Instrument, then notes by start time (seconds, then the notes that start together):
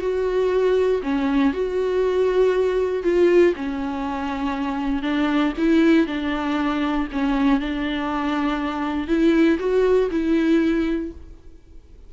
viola
0.00 F#4
1.03 C#4
1.53 F#4
3.03 F4
3.56 C#4
5.02 D4
5.57 E4
6.07 D4
7.12 C#4
7.60 D4
9.07 E4
9.59 F#4
10.10 E4